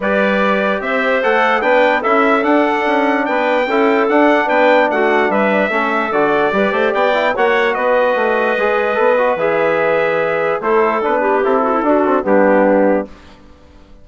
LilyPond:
<<
  \new Staff \with { instrumentName = "trumpet" } { \time 4/4 \tempo 4 = 147 d''2 e''4 fis''4 | g''4 e''4 fis''2 | g''2 fis''4 g''4 | fis''4 e''2 d''4~ |
d''4 g''4 fis''4 dis''4~ | dis''2. e''4~ | e''2 c''4 b'4 | a'2 g'2 | }
  \new Staff \with { instrumentName = "clarinet" } { \time 4/4 b'2 c''2 | b'4 a'2. | b'4 a'2 b'4 | fis'4 b'4 a'2 |
b'8 c''8 d''4 cis''4 b'4~ | b'1~ | b'2 a'4. g'8~ | g'8 fis'16 e'16 fis'4 d'2 | }
  \new Staff \with { instrumentName = "trombone" } { \time 4/4 g'2. a'4 | d'4 e'4 d'2~ | d'4 e'4 d'2~ | d'2 cis'4 fis'4 |
g'4. e'8 fis'2~ | fis'4 gis'4 a'8 fis'8 gis'4~ | gis'2 e'4 d'4 | e'4 d'8 c'8 b2 | }
  \new Staff \with { instrumentName = "bassoon" } { \time 4/4 g2 c'4 a4 | b4 cis'4 d'4 cis'4 | b4 cis'4 d'4 b4 | a4 g4 a4 d4 |
g8 a8 b4 ais4 b4 | a4 gis4 b4 e4~ | e2 a4 b4 | c'4 d'4 g2 | }
>>